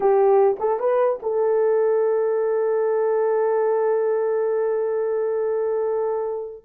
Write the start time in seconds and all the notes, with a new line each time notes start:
0.00 G4
0.59 A4
0.79 B4
1.22 A4